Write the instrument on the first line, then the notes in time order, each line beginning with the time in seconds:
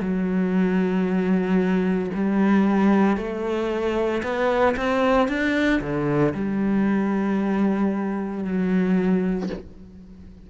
cello
0.00 F#3
2.14 G3
3.17 A3
4.23 B3
4.77 C4
5.28 D4
5.81 D3
6.34 G3
8.44 F#3